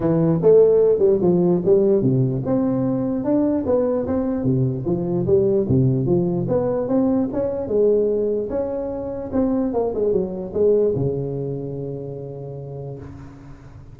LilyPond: \new Staff \with { instrumentName = "tuba" } { \time 4/4 \tempo 4 = 148 e4 a4. g8 f4 | g4 c4 c'2 | d'4 b4 c'4 c4 | f4 g4 c4 f4 |
b4 c'4 cis'4 gis4~ | gis4 cis'2 c'4 | ais8 gis8 fis4 gis4 cis4~ | cis1 | }